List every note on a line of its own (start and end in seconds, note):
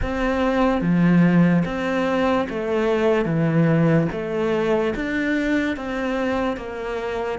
0.01 0.81 C4
0.81 1.63 F3
1.65 2.47 C4
2.49 3.25 A3
3.25 4.07 E3
4.11 4.94 A3
4.95 5.76 D4
5.76 6.56 C4
6.56 7.38 A#3